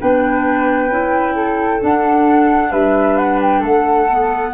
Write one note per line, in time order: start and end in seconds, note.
0.00 0.90 B3
0.00 0.90 D4
0.00 1.35 B4
0.00 1.83 G5
0.90 1.80 C#4
0.90 1.80 E4
1.35 2.71 A4
1.80 4.08 D4
1.80 2.72 D4
1.80 2.72 F#5
2.71 3.62 G3
2.71 3.60 B4
2.71 3.17 E5
3.17 3.40 F#5
3.41 3.64 G5
3.60 4.53 A3
3.60 4.51 A4
3.60 4.54 F#5
4.09 4.54 B3